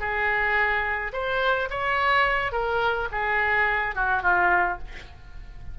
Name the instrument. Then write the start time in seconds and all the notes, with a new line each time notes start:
oboe
0.00 G#4
1.13 C5
1.70 C#5
2.52 A#4
3.12 G#4
3.96 F#4
4.23 F4